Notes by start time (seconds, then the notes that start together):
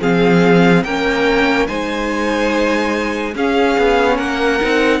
0.00 F3 C4 G#4 F5
0.83 A#3 C#4 A#4 G5
1.67 G#3 D#4 C5 G#5
3.35 C#4 G#4 F5
3.77 B3
4.16 A#3 A#4 F#5
4.61 C4 D#4